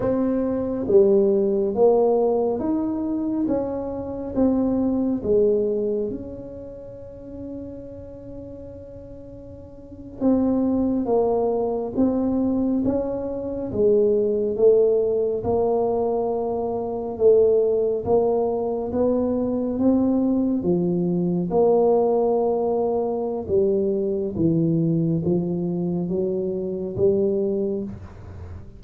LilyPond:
\new Staff \with { instrumentName = "tuba" } { \time 4/4 \tempo 4 = 69 c'4 g4 ais4 dis'4 | cis'4 c'4 gis4 cis'4~ | cis'2.~ cis'8. c'16~ | c'8. ais4 c'4 cis'4 gis16~ |
gis8. a4 ais2 a16~ | a8. ais4 b4 c'4 f16~ | f8. ais2~ ais16 g4 | e4 f4 fis4 g4 | }